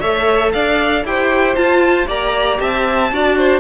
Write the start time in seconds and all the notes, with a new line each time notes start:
0.00 A3 A4 C#5 E5
0.52 D4 D5 F5
1.04 E4 G4 C5 G5
1.55 F4 A5
2.06 A#3 G4 D5 A#5
2.59 C4 E5 A5
3.12 D4 F#4 D5
3.37 C5